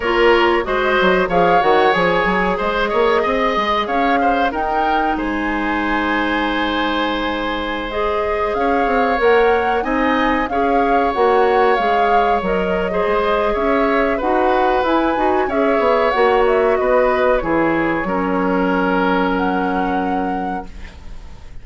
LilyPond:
<<
  \new Staff \with { instrumentName = "flute" } { \time 4/4 \tempo 4 = 93 cis''4 dis''4 f''8 fis''8 gis''4 | dis''2 f''4 g''4 | gis''1~ | gis''16 dis''4 f''4 fis''4 gis''8.~ |
gis''16 f''4 fis''4 f''4 dis''8.~ | dis''4 e''4 fis''4 gis''4 | e''4 fis''8 e''8 dis''4 cis''4~ | cis''2 fis''2 | }
  \new Staff \with { instrumentName = "oboe" } { \time 4/4 ais'4 c''4 cis''2 | c''8 cis''8 dis''4 cis''8 c''8 ais'4 | c''1~ | c''4~ c''16 cis''2 dis''8.~ |
dis''16 cis''2.~ cis''8. | c''4 cis''4 b'2 | cis''2 b'4 gis'4 | ais'1 | }
  \new Staff \with { instrumentName = "clarinet" } { \time 4/4 f'4 fis'4 gis'8 fis'8 gis'4~ | gis'2. dis'4~ | dis'1~ | dis'16 gis'2 ais'4 dis'8.~ |
dis'16 gis'4 fis'4 gis'4 ais'8. | gis'2 fis'4 e'8 fis'8 | gis'4 fis'2 e'4 | cis'1 | }
  \new Staff \with { instrumentName = "bassoon" } { \time 4/4 ais4 gis8 fis8 f8 dis8 f8 fis8 | gis8 ais8 c'8 gis8 cis'4 dis'4 | gis1~ | gis4~ gis16 cis'8 c'8 ais4 c'8.~ |
c'16 cis'4 ais4 gis4 fis8.~ | fis16 gis8. cis'4 dis'4 e'8 dis'8 | cis'8 b8 ais4 b4 e4 | fis1 | }
>>